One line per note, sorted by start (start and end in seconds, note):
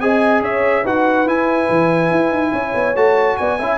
0.00 0.41 C4
0.00 0.85 G#4
0.00 0.43 D#5
0.00 0.42 G#5
0.41 0.83 C#4
0.41 0.83 C#5
0.41 0.86 E5
0.83 1.25 D#4
0.83 1.27 F#4
0.83 2.52 B4
0.83 1.28 F#5
1.25 1.68 E4
1.25 2.96 E4
1.25 2.96 G#5
1.70 2.11 E3
2.11 2.30 E4
2.30 2.51 D#4
2.53 2.74 C#4
2.53 3.38 C#5
2.74 2.95 B3
2.95 3.37 A3
2.95 3.59 F#4
2.95 3.37 A5
3.37 3.59 B3
3.37 3.59 D5
3.37 3.78 G#5
3.59 3.78 C#4
3.59 3.78 E4
3.59 3.78 E5